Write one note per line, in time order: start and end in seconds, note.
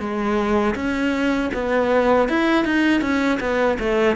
0.00 0.75 G#3
0.75 1.50 C#4
1.54 2.29 B3
2.29 2.65 E4
2.65 3.01 D#4
3.01 3.39 C#4
3.40 3.77 B3
3.79 4.16 A3